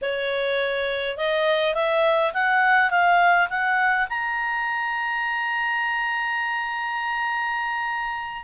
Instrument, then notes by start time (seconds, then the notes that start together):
clarinet
0.01 C#5
1.17 D#5
1.74 E5
2.33 F#5
2.90 F5
3.49 F#5
4.09 A#5